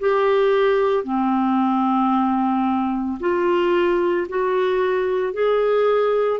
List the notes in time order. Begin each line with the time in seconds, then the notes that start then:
0.00 G4
1.04 C4
3.20 F4
4.29 F#4
5.33 G#4